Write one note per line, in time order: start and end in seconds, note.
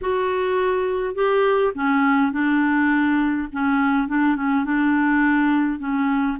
0.01 1.14 F#4
1.14 1.73 G4
1.74 2.31 C#4
2.31 3.48 D4
3.52 4.08 C#4
4.08 4.36 D4
4.36 4.64 C#4
4.64 5.79 D4
5.79 6.37 C#4